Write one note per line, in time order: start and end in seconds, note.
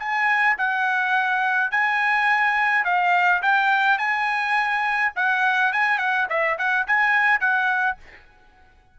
0.00 0.57 G#5
0.58 1.72 F#5
1.72 2.85 G#5
2.85 3.42 F5
3.43 3.99 G5
3.99 5.13 G#5
5.16 5.73 F#5
5.73 5.99 G#5
5.99 6.28 F#5
6.30 6.58 E5
6.59 6.87 F#5
6.88 7.41 G#5
7.41 7.98 F#5